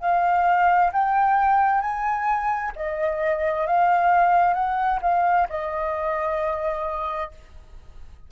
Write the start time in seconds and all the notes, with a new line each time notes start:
0.00 F5
0.92 G5
1.81 G#5
2.75 D#5
3.66 F5
4.53 F#5
5.02 F5
5.49 D#5